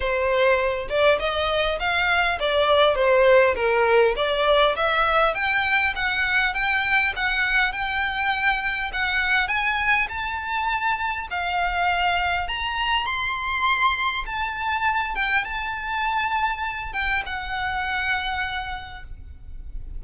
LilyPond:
\new Staff \with { instrumentName = "violin" } { \time 4/4 \tempo 4 = 101 c''4. d''8 dis''4 f''4 | d''4 c''4 ais'4 d''4 | e''4 g''4 fis''4 g''4 | fis''4 g''2 fis''4 |
gis''4 a''2 f''4~ | f''4 ais''4 c'''2 | a''4. g''8 a''2~ | a''8 g''8 fis''2. | }